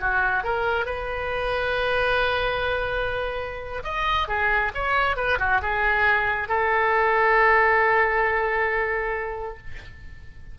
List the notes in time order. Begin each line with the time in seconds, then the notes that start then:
0.00 F#4
0.44 A#4
0.85 B4
3.83 D#5
4.28 G#4
4.74 C#5
5.16 B4
5.39 F#4
5.61 G#4
6.48 A4